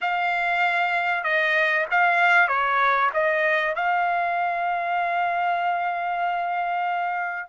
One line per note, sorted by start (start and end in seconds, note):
0.01 1.23 F5
1.23 1.86 D#5
1.91 2.48 F5
2.48 3.10 C#5
3.13 3.75 D#5
3.75 7.49 F5